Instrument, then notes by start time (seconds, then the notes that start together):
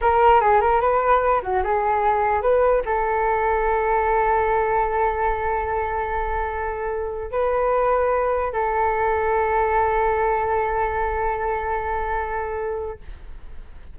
flute
0.01 A#4
0.41 G#4
0.60 A#4
0.80 B4
1.42 F#4
1.63 G#4
2.42 B4
2.85 A4
7.31 B4
8.52 A4